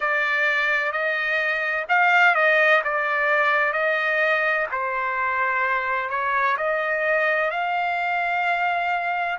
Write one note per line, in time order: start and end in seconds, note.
0.00 0.92 D5
0.92 1.85 D#5
1.88 2.34 F5
2.34 2.81 D#5
2.84 3.72 D5
3.72 4.66 D#5
4.71 6.09 C5
6.09 6.56 C#5
6.57 7.50 D#5
7.50 9.38 F5